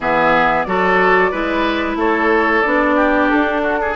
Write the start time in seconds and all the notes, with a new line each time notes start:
0.00 E3 B3 G#4 E5
0.63 F#3 F#4 A4 D5
1.31 G#3 E4 B4
1.95 A3 A4 C#5
2.62 B3 D4 D5
2.95 G4
3.29 D4 A4
3.62 F#4
3.81 G#4